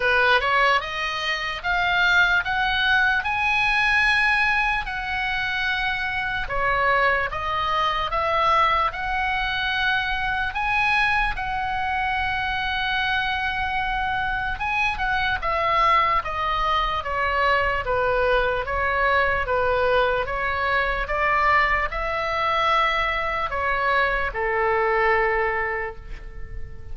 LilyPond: \new Staff \with { instrumentName = "oboe" } { \time 4/4 \tempo 4 = 74 b'8 cis''8 dis''4 f''4 fis''4 | gis''2 fis''2 | cis''4 dis''4 e''4 fis''4~ | fis''4 gis''4 fis''2~ |
fis''2 gis''8 fis''8 e''4 | dis''4 cis''4 b'4 cis''4 | b'4 cis''4 d''4 e''4~ | e''4 cis''4 a'2 | }